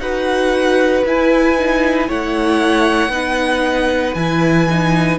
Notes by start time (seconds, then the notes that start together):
0.00 D#4 F#4 B4 F#5
1.06 E4 G#5
1.58 D#4
2.08 A3 E4 C#5 F#5
3.08 B3 D#4 B4
4.15 E3 E4 G#5
4.70 D#4